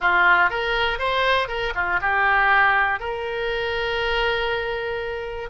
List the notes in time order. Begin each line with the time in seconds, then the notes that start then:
0.00 F4
0.50 A#4
0.98 C5
1.47 A#4
1.75 F4
2.01 G4
2.99 A#4